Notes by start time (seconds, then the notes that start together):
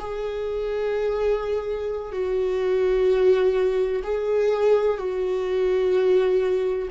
0.00 G#4
2.13 F#4
4.03 G#4
4.98 F#4